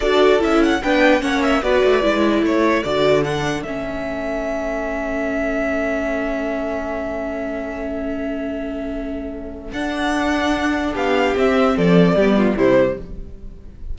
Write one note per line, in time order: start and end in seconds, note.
0.00 0.41 D4
0.00 0.39 F#4
0.00 0.79 A4
0.00 0.41 D5
0.39 0.82 C#4
0.39 0.79 E4
0.39 0.63 E5
0.63 0.82 F#5
0.82 1.22 B3
0.82 1.20 D4
0.82 1.21 B4
0.82 1.22 G5
1.20 1.62 A#3
1.20 1.61 C#4
1.20 1.61 C#5
1.20 1.42 F#5
1.42 1.62 E5
1.62 1.82 B3
1.62 2.01 F#4
1.62 2.43 B4
1.62 2.43 D5
1.84 2.03 A3
2.01 2.42 G#3
2.01 2.82 E4
2.42 2.83 A3
2.42 10.93 A4
2.42 2.83 C#5
2.83 3.63 D3
2.83 3.23 F#4
2.83 3.23 D5
3.23 3.64 D4
3.23 3.62 F#5
3.62 9.71 A3
3.62 9.73 C#4
3.62 9.70 E5
9.72 10.94 D4
9.72 11.35 D4
9.72 10.95 F#5
10.93 11.35 B3
10.93 11.74 G4
10.93 11.36 F5
11.36 11.76 C4
11.36 12.17 C4
11.36 11.77 E5
11.76 12.14 F3
11.76 12.15 A4
11.76 12.57 D5
12.14 12.55 G3
12.14 12.57 B3
12.14 12.36 G4
12.37 12.56 F4
12.56 12.96 C3
12.56 12.98 G3
12.56 12.97 E4
12.56 12.98 C5